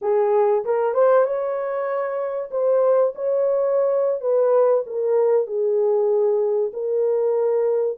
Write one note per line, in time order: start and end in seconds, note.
0.01 0.64 G#4
0.64 0.94 A#4
0.94 1.25 C5
1.25 2.50 C#5
2.51 3.13 C5
3.15 4.20 C#5
4.20 4.83 B4
4.86 5.46 A#4
5.46 6.71 G#4
6.73 7.97 A#4